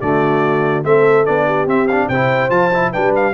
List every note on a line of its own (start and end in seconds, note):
0.00 0.84 D3
0.00 0.84 A3
0.00 0.84 F#4
0.00 0.83 D5
0.84 1.26 A3
0.84 1.25 C4
0.84 1.45 A4
0.84 1.25 E5
1.25 1.66 B3
1.25 1.66 D4
1.25 1.67 D5
1.45 2.07 G4
1.66 2.08 C4
1.66 1.87 C4
1.66 1.87 E5
1.87 2.12 D4
1.87 2.08 F5
2.08 2.50 C3
2.08 2.49 E4
2.08 2.91 C5
2.08 2.50 G5
2.49 2.91 F3
2.49 2.70 F4
2.49 2.91 A5
2.73 2.93 E4
2.91 3.33 G3
2.91 3.33 D4
2.91 3.33 B4
2.91 3.13 G5
3.15 3.33 F5